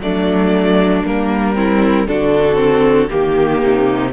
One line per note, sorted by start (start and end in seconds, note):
0.00 1.03 F#3
0.00 1.06 A3
0.00 1.56 D4
0.00 1.06 D5
1.05 2.08 G3
1.05 1.55 A#3
1.05 2.08 A#4
1.55 2.07 C4
1.55 2.08 E4
2.08 3.11 D3
2.08 2.56 D4
2.08 3.10 F#4
2.08 3.11 A4
2.56 3.08 C4
3.10 3.64 D#3
3.10 4.14 A#3
3.10 3.62 G4
3.10 4.14 G4
3.64 4.14 C3
3.64 4.14 D#4